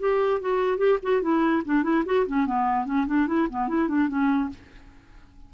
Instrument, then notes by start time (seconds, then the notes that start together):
clarinet
0.00 G4
0.41 F#4
0.78 G4
1.03 F#4
1.22 E4
1.65 D4
1.84 E4
2.06 F#4
2.27 C#4
2.47 B3
2.86 C#4
3.07 D4
3.28 E4
3.50 B3
3.69 E4
3.89 D4
4.09 C#4